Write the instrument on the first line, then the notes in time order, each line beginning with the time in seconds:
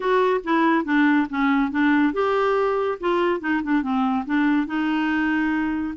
clarinet
0.00 F#4
0.44 E4
0.84 D4
1.29 C#4
1.71 D4
2.13 G4
3.00 F4
3.40 D#4
3.63 D4
3.82 C4
4.25 D4
4.67 D#4